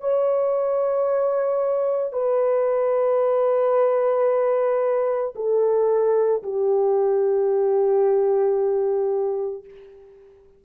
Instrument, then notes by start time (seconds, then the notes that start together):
horn
0.00 C#5
2.12 B4
5.35 A4
6.43 G4